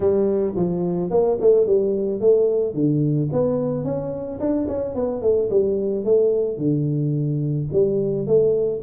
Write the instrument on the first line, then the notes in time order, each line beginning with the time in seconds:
tuba
0.00 G3
0.56 F3
1.10 A#3
1.40 A3
1.66 G3
2.20 A3
2.74 D3
3.32 B3
3.84 C#4
4.39 D4
4.67 C#4
4.94 B3
5.21 A3
5.50 G3
6.04 A3
6.57 D3
7.72 G3
8.26 A3